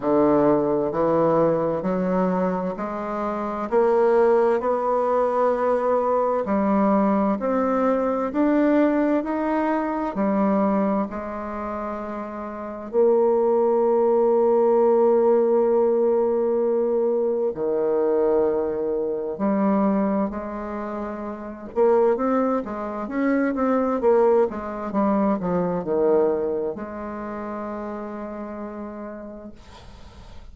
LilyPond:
\new Staff \with { instrumentName = "bassoon" } { \time 4/4 \tempo 4 = 65 d4 e4 fis4 gis4 | ais4 b2 g4 | c'4 d'4 dis'4 g4 | gis2 ais2~ |
ais2. dis4~ | dis4 g4 gis4. ais8 | c'8 gis8 cis'8 c'8 ais8 gis8 g8 f8 | dis4 gis2. | }